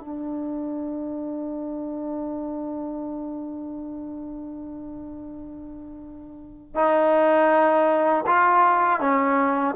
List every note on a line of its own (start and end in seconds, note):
0.00 6.75 D4
6.75 8.25 D#4
8.27 9.00 F4
9.00 9.75 C#4